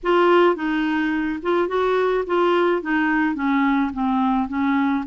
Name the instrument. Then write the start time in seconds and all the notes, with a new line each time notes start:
clarinet
0.03 F4
0.55 D#4
1.42 F4
1.68 F#4
2.26 F4
2.81 D#4
3.35 C#4
3.93 C4
4.48 C#4